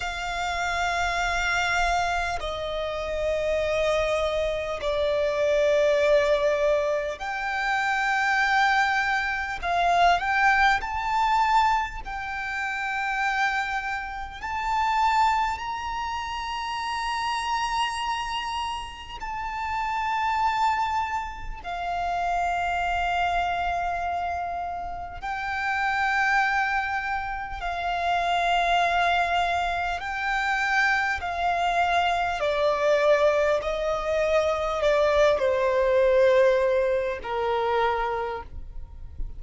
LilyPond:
\new Staff \with { instrumentName = "violin" } { \time 4/4 \tempo 4 = 50 f''2 dis''2 | d''2 g''2 | f''8 g''8 a''4 g''2 | a''4 ais''2. |
a''2 f''2~ | f''4 g''2 f''4~ | f''4 g''4 f''4 d''4 | dis''4 d''8 c''4. ais'4 | }